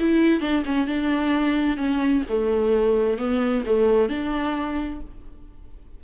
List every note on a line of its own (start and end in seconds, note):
0.00 0.41 E4
0.41 0.64 D4
0.66 0.87 C#4
0.87 1.77 D4
1.77 2.23 C#4
2.29 3.19 A3
3.19 3.64 B3
3.66 4.10 A3
4.10 5.01 D4